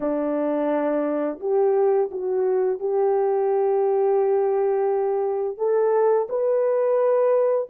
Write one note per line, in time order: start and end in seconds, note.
0.00 1.39 D4
1.40 2.09 G4
2.11 2.79 F#4
2.79 5.57 G4
5.57 6.27 A4
6.29 7.68 B4